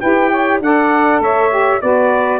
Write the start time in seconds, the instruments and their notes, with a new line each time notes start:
0.00 tuba E4, saxophone G4 B4, trumpet G5
0.30 saxophone C#5
0.60 tuba D4, saxophone A4 D5, trumpet F#5
1.20 tuba A3, saxophone C#5, trumpet E5
1.50 saxophone G4
1.81 tuba B3, saxophone F#4 B4, trumpet D5